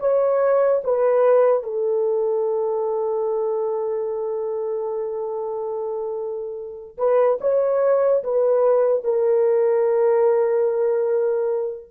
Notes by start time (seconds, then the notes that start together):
0.00 C#5
0.84 B4
1.63 A4
6.98 B4
7.41 C#5
8.24 B4
9.04 A#4